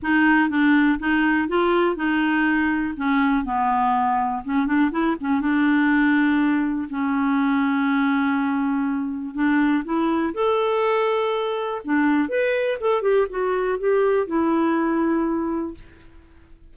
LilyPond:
\new Staff \with { instrumentName = "clarinet" } { \time 4/4 \tempo 4 = 122 dis'4 d'4 dis'4 f'4 | dis'2 cis'4 b4~ | b4 cis'8 d'8 e'8 cis'8 d'4~ | d'2 cis'2~ |
cis'2. d'4 | e'4 a'2. | d'4 b'4 a'8 g'8 fis'4 | g'4 e'2. | }